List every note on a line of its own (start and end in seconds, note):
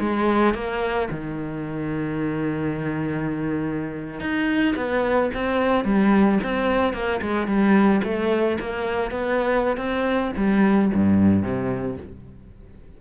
0.00 0.54 G#3
0.54 1.09 A#3
1.11 4.20 D#3
4.20 4.75 D#4
4.76 5.31 B3
5.34 5.85 C4
5.85 6.39 G3
6.44 6.93 C4
6.93 7.21 A#3
7.21 7.47 G#3
7.47 8.02 G3
8.04 8.58 A3
8.60 9.11 A#3
9.11 9.77 B3
9.77 10.32 C4
10.37 10.91 G3
10.94 11.43 G2
11.43 11.97 C3